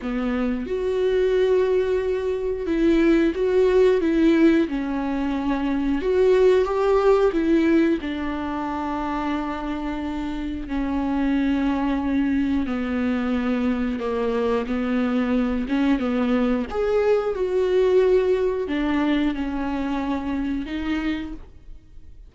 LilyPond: \new Staff \with { instrumentName = "viola" } { \time 4/4 \tempo 4 = 90 b4 fis'2. | e'4 fis'4 e'4 cis'4~ | cis'4 fis'4 g'4 e'4 | d'1 |
cis'2. b4~ | b4 ais4 b4. cis'8 | b4 gis'4 fis'2 | d'4 cis'2 dis'4 | }